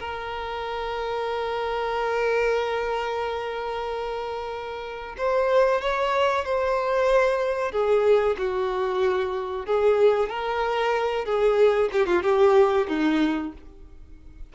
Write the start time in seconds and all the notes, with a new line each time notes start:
0.00 A#4
5.18 C5
5.82 C#5
6.45 C5
7.72 G#4
8.39 F#4
9.66 G#4
10.30 A#4
11.26 G#4
11.93 G4
12.07 F4
12.23 G4
12.89 D#4